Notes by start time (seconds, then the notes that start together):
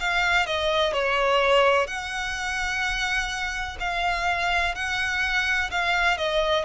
0.00 F5
0.46 D#5
0.93 C#5
1.87 F#5
3.80 F5
4.75 F#5
5.71 F5
6.18 D#5